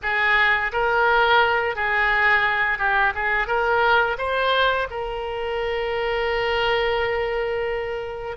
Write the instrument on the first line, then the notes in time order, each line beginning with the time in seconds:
oboe
0.02 G#4
0.72 A#4
1.75 G#4
2.78 G4
3.14 G#4
3.47 A#4
4.18 C5
4.90 A#4